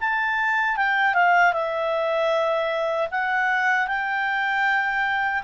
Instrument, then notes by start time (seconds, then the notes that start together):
clarinet
0.00 A5
0.77 G5
1.14 F5
1.53 E5
3.11 F#5
3.87 G5